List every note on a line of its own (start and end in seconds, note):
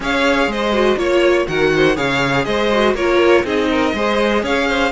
0.00 0.47 C#4
0.00 0.72 G#4
0.00 0.50 C#5
0.00 0.51 F5
0.47 0.96 G#3
0.47 0.98 C5
0.47 0.98 D#5
0.72 0.97 F#4
0.97 1.46 A#3
0.97 1.46 F4
0.97 1.47 C#5
1.47 1.97 D#3
1.47 1.95 F#4
1.47 1.73 A#4
1.47 1.96 F#5
1.76 1.96 C5
1.95 2.46 C#3
1.95 2.69 G#4
1.95 2.45 C#5
1.95 2.44 F5
2.44 2.94 G#3
2.44 2.95 C5
2.44 2.93 D#5
2.72 2.97 F#4
2.94 3.43 A#3
2.94 3.45 F4
2.94 3.44 A#4
2.94 3.45 C#5
3.44 3.93 C4
3.44 3.94 D#4
3.44 3.69 G#4
3.44 4.44 D#5
3.70 3.95 A#4
3.93 4.42 G#3
3.93 4.91 G#4
3.93 4.43 C5
4.42 4.91 C#4
4.42 4.68 C#5
4.42 4.91 F5
4.68 4.91 C5